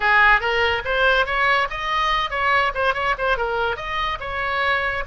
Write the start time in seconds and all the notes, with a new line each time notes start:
0.00 G#4
0.40 A#4
0.84 C5
1.25 C#5
1.70 D#5
2.30 C#5
2.74 C5
2.94 C#5
3.18 C5
3.37 A#4
3.76 D#5
4.20 C#5